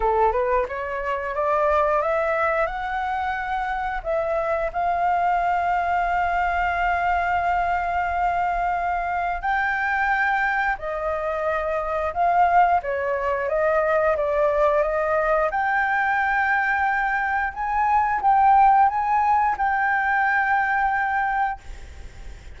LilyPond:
\new Staff \with { instrumentName = "flute" } { \time 4/4 \tempo 4 = 89 a'8 b'8 cis''4 d''4 e''4 | fis''2 e''4 f''4~ | f''1~ | f''2 g''2 |
dis''2 f''4 cis''4 | dis''4 d''4 dis''4 g''4~ | g''2 gis''4 g''4 | gis''4 g''2. | }